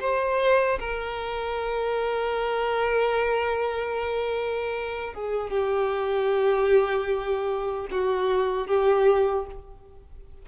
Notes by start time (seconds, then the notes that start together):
0.00 C5
0.80 A#4
5.14 G#4
5.50 G4
7.91 F#4
8.67 G4